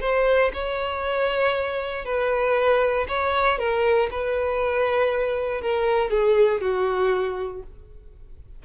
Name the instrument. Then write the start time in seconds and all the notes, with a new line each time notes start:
violin
0.00 C5
0.53 C#5
2.05 B4
3.08 C#5
3.58 A#4
4.11 B4
5.61 A#4
6.10 G#4
6.60 F#4